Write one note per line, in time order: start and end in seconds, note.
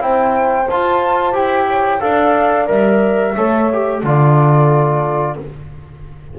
0.00 0.68 C4
0.00 0.67 E4
0.00 1.68 C5
0.00 0.69 G5
0.70 1.34 F4
0.70 1.33 F4
0.70 1.36 A5
1.33 2.01 E4
1.33 1.99 G4
1.33 2.01 G5
1.68 2.02 C#5
2.01 2.69 D4
2.01 2.67 A4
2.01 3.36 D5
2.01 2.68 F5
2.67 3.36 G3
2.67 3.34 A#4
2.67 4.02 E5
3.36 4.04 A3
3.36 3.71 A4
3.36 4.00 C#5
3.73 4.05 G4
4.00 5.37 D3
4.00 5.38 F4
4.00 5.34 A4
4.00 5.39 D5